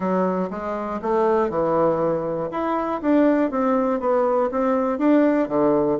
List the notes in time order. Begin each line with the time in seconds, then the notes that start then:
0.00 F#3
0.50 G#3
1.02 A3
1.49 E3
2.51 E4
3.01 D4
3.50 C4
4.00 B3
4.51 C4
4.98 D4
5.48 D3